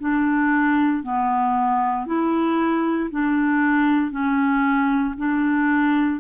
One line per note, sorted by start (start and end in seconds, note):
0.00 1.03 D4
1.03 2.06 B3
2.06 3.10 E4
3.11 4.11 D4
4.11 5.15 C#4
5.18 6.20 D4